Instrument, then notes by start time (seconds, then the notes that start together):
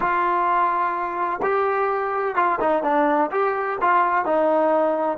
trombone
0.00 F4
1.42 G4
2.35 F4
2.59 D#4
2.83 D4
3.31 G4
3.81 F4
4.25 D#4